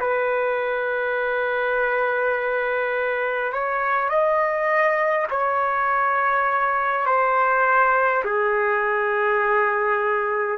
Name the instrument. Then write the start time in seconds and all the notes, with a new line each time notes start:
trumpet
0.00 B4
3.52 C#5
4.09 D#5
5.30 C#5
7.06 C5
8.25 G#4